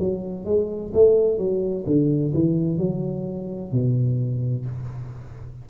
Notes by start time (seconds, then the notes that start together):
0.00 F#3
0.46 G#3
0.94 A3
1.38 F#3
1.87 D3
2.34 E3
2.78 F#3
3.72 B2